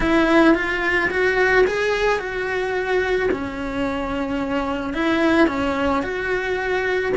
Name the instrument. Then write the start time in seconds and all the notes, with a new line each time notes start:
cello
0.00 E4
0.54 F4
1.10 F#4
1.66 G#4
2.19 F#4
3.31 C#4
4.93 E4
5.47 C#4
6.03 F#4